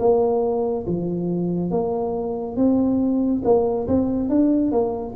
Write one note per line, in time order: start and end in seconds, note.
0.00 0.86 A#3
0.87 1.71 F3
1.71 2.57 A#3
2.57 3.42 C4
3.44 3.87 A#3
3.88 4.29 C4
4.29 4.72 D4
4.72 5.15 A#3